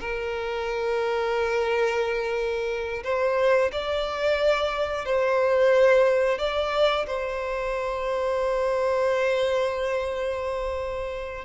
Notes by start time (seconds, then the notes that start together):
0.00 A#4
3.04 C5
3.72 D5
5.05 C5
6.38 D5
7.07 C5